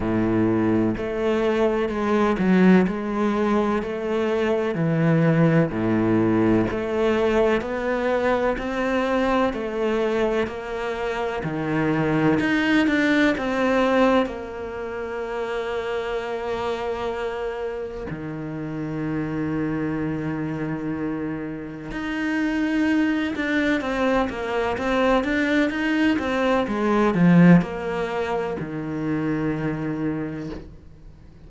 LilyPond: \new Staff \with { instrumentName = "cello" } { \time 4/4 \tempo 4 = 63 a,4 a4 gis8 fis8 gis4 | a4 e4 a,4 a4 | b4 c'4 a4 ais4 | dis4 dis'8 d'8 c'4 ais4~ |
ais2. dis4~ | dis2. dis'4~ | dis'8 d'8 c'8 ais8 c'8 d'8 dis'8 c'8 | gis8 f8 ais4 dis2 | }